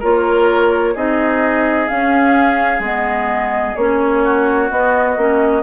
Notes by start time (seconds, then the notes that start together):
0.00 A#3 F4 A#4 C#5
0.95 C4 D#4 G#4 D#5
1.88 C#4 F5
2.79 G#3 B3 D#5
3.76 A#3 C#4 C#5
4.24 F#4
4.70 B3 D#5
5.17 A#3 C#4